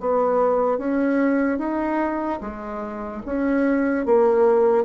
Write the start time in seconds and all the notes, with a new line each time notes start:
0.00 B3
0.78 C#4
1.58 D#4
2.41 G#3
3.25 C#4
4.06 A#3